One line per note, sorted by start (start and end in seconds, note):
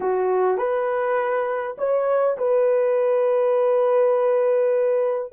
0.00 0.57 F#4
0.57 1.76 B4
1.77 2.37 C#5
2.37 5.32 B4